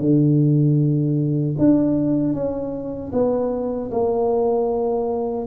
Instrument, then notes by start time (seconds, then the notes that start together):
tuba
0.00 D3
1.58 D4
2.33 C#4
3.12 B3
3.91 A#3